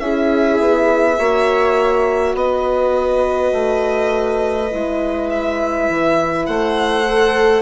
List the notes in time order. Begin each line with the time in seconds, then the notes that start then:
0.00 C#4 E4 G#4 E5
0.60 B3
1.19 A#3 F#4 C#5
2.35 B3 B4 D#5
3.53 A3
4.71 G#3 E4
5.30 E5
5.90 E3
6.47 A3 C5 F#5
7.07 A4